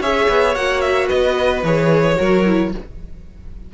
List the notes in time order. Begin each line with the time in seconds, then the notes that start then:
0.00 C#4 G#4 C#5 E5
0.28 B3
0.55 A#3 F#4 F#5
0.81 E5
1.07 B3 B4 D#5
1.63 E3 G#4 C#5
2.16 F#3 F#4 A#4
2.46 E4